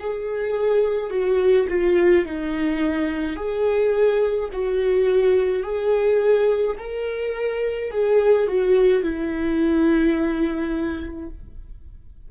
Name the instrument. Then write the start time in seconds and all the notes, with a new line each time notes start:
viola
0.00 G#4
1.11 F#4
1.69 F4
2.26 D#4
3.37 G#4
4.53 F#4
5.63 G#4
6.79 A#4
7.91 G#4
8.48 F#4
9.04 E4